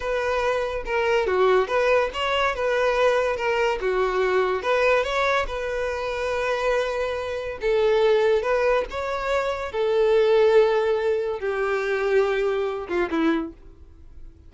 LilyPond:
\new Staff \with { instrumentName = "violin" } { \time 4/4 \tempo 4 = 142 b'2 ais'4 fis'4 | b'4 cis''4 b'2 | ais'4 fis'2 b'4 | cis''4 b'2.~ |
b'2 a'2 | b'4 cis''2 a'4~ | a'2. g'4~ | g'2~ g'8 f'8 e'4 | }